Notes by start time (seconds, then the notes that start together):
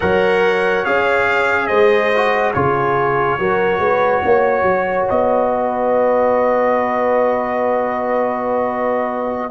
0.00 F#3 A#4 C#5 F#5
0.84 C#4 G#4 F5
1.66 G#3 C5 D#5
2.15 F#4
2.53 C#3 F4 G#4 C#5
3.39 F#3 F#4 A#4
3.79 G#3 B4
4.23 A#3 C#5
4.62 F#3
5.09 B3 D#5
5.50 B4